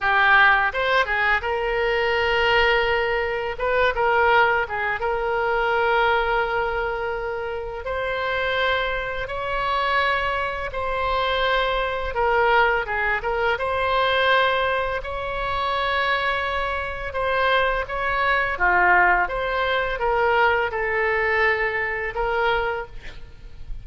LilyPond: \new Staff \with { instrumentName = "oboe" } { \time 4/4 \tempo 4 = 84 g'4 c''8 gis'8 ais'2~ | ais'4 b'8 ais'4 gis'8 ais'4~ | ais'2. c''4~ | c''4 cis''2 c''4~ |
c''4 ais'4 gis'8 ais'8 c''4~ | c''4 cis''2. | c''4 cis''4 f'4 c''4 | ais'4 a'2 ais'4 | }